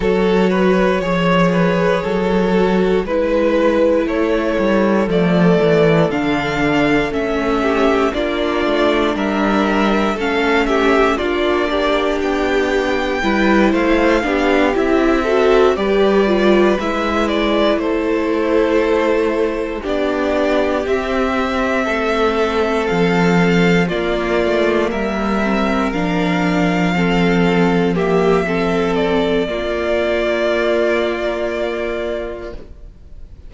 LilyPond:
<<
  \new Staff \with { instrumentName = "violin" } { \time 4/4 \tempo 4 = 59 cis''2. b'4 | cis''4 d''4 f''4 e''4 | d''4 e''4 f''8 e''8 d''4 | g''4. f''4 e''4 d''8~ |
d''8 e''8 d''8 c''2 d''8~ | d''8 e''2 f''4 d''8~ | d''8 e''4 f''2 e''8~ | e''8 d''2.~ d''8 | }
  \new Staff \with { instrumentName = "violin" } { \time 4/4 a'8 b'8 cis''8 b'8 a'4 b'4 | a'2.~ a'8 g'8 | f'4 ais'4 a'8 g'8 f'8 g'8~ | g'4 b'8 c''8 g'4 a'8 b'8~ |
b'4. a'2 g'8~ | g'4. a'2 f'8~ | f'8 ais'2 a'4 g'8 | a'4 f'2. | }
  \new Staff \with { instrumentName = "viola" } { \time 4/4 fis'4 gis'4. fis'8 e'4~ | e'4 a4 d'4 cis'4 | d'2 cis'4 d'4~ | d'4 e'4 d'8 e'8 fis'8 g'8 |
f'8 e'2. d'8~ | d'8 c'2. ais8~ | ais4 c'8 d'4 c'4 ais8 | c'4 ais2. | }
  \new Staff \with { instrumentName = "cello" } { \time 4/4 fis4 f4 fis4 gis4 | a8 g8 f8 e8 d4 a4 | ais8 a8 g4 a4 ais4 | b4 g8 a8 b8 c'4 g8~ |
g8 gis4 a2 b8~ | b8 c'4 a4 f4 ais8 | a8 g4 f2~ f8~ | f4 ais2. | }
>>